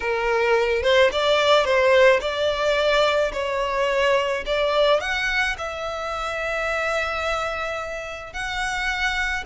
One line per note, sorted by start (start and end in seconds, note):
0.00 0.82 A#4
0.82 1.10 C5
1.12 1.64 D5
1.64 2.20 C5
2.20 3.32 D5
3.32 4.43 C#5
4.46 5.00 D5
5.00 5.56 F#5
5.58 8.33 E5
8.33 9.44 F#5